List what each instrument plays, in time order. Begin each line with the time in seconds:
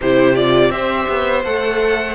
0.00 cello C3, viola E4, violin G4 C5
0.35 viola F4, violin D5
0.69 cello C4, viola G4, violin C5 E5
1.09 cello B3
1.44 cello A3, viola A4, violin F#5